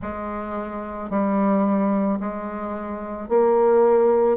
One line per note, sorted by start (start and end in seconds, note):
0.01 1.10 G#3
1.10 2.19 G3
2.20 3.28 G#3
3.28 4.37 A#3